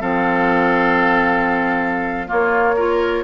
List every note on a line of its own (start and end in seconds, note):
0.00 2.29 F3
0.00 2.26 C4
0.00 2.27 A4
0.00 2.29 F5
2.26 2.74 A#3
2.26 3.24 A#3
2.26 2.75 F4
2.26 3.24 C#5
2.76 3.24 F4
2.76 3.24 A#4